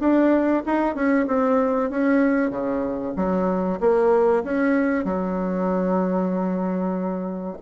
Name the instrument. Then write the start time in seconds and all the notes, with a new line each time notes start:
bassoon
0.00 D4
0.66 D#4
0.95 C#4
1.27 C4
1.90 C#4
2.50 C#3
3.17 F#3
3.80 A#3
4.44 C#4
5.05 F#3